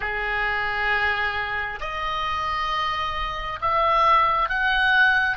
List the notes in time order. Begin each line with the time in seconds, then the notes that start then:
0.00 G#4
1.80 D#5
3.61 E5
4.49 F#5